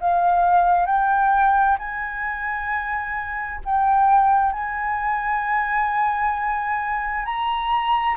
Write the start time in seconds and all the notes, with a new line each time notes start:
0.00 F5
0.86 G5
1.78 G#5
3.64 G5
4.52 G#5
7.25 A#5